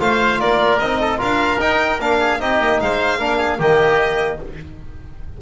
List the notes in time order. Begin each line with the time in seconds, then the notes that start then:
0.00 A3 F4 C5 F5
0.39 A#3 A#4 D5
0.79 C4 D#4 D#5
1.00 A4
1.17 D4 F4 A#4 F5
1.59 D#4 G5
1.99 A#3 D4 F5
2.19 G#4
2.39 C4 D#4 G4 D#5
2.59 A#3
2.80 G#3 C5 F5
3.19 A#3 D4 A#4
3.37 G#4
3.58 D#3 A#3 G4 D#5